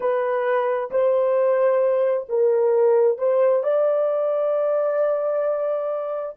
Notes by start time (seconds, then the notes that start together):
0.00 B4
0.90 C5
2.28 A#4
3.18 C5
3.63 D5